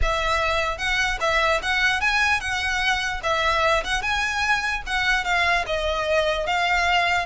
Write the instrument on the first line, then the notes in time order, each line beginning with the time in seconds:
violin
0.02 E5
0.78 F#5
1.20 E5
1.62 F#5
2.00 G#5
2.40 F#5
3.23 E5
3.84 F#5
4.02 G#5
4.86 F#5
5.24 F5
5.66 D#5
6.46 F5